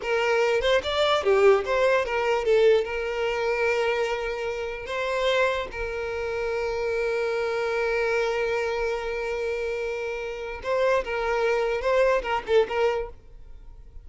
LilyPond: \new Staff \with { instrumentName = "violin" } { \time 4/4 \tempo 4 = 147 ais'4. c''8 d''4 g'4 | c''4 ais'4 a'4 ais'4~ | ais'1 | c''2 ais'2~ |
ais'1~ | ais'1~ | ais'2 c''4 ais'4~ | ais'4 c''4 ais'8 a'8 ais'4 | }